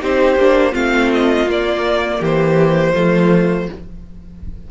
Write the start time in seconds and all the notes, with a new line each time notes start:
0.00 C4 D#4 G4 C5
0.36 A#3 D4
0.72 A3 C4 F4 F5
1.13 D#5
1.46 A#3 D5
2.20 E3 G4 C5
2.93 F3 A3 F4